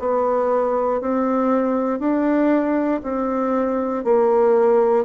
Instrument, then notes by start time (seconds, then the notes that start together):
bassoon
0.00 B3
1.01 C4
2.00 D4
3.03 C4
4.04 A#3